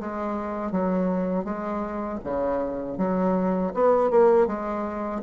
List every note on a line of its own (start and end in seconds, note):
0.00 0.72 G#3
0.72 1.44 F#3
1.44 2.19 G#3
2.24 2.98 C#3
2.98 3.73 F#3
3.74 4.10 B3
4.10 4.47 A#3
4.47 5.22 G#3